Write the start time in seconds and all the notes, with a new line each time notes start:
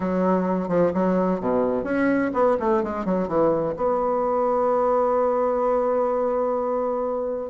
0.00 F#3
0.68 F3
0.93 F#3
1.40 B2
1.84 C#4
2.33 B3
2.59 A3
2.83 G#3
3.05 F#3
3.28 E3
3.76 B3